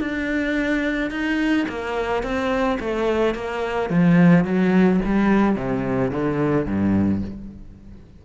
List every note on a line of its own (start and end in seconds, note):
0.00 1.11 D4
1.11 1.66 D#4
1.69 2.23 A#3
2.23 2.79 C4
2.80 3.35 A3
3.35 3.90 A#3
3.90 4.45 F3
4.45 5.00 F#3
5.05 5.56 G3
5.56 6.11 C3
6.11 6.66 D3
6.66 7.22 G2